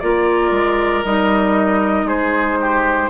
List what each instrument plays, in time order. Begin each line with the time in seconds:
0.00 bassoon A#3, clarinet F4, oboe A#4, flute D5
0.51 bassoon G#3
1.05 bassoon G3, clarinet D#4, flute D#5
2.04 bassoon G#3, oboe G#4, flute C5
2.61 oboe G4